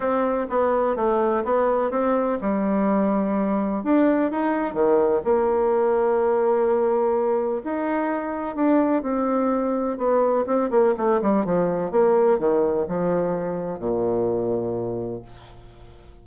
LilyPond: \new Staff \with { instrumentName = "bassoon" } { \time 4/4 \tempo 4 = 126 c'4 b4 a4 b4 | c'4 g2. | d'4 dis'4 dis4 ais4~ | ais1 |
dis'2 d'4 c'4~ | c'4 b4 c'8 ais8 a8 g8 | f4 ais4 dis4 f4~ | f4 ais,2. | }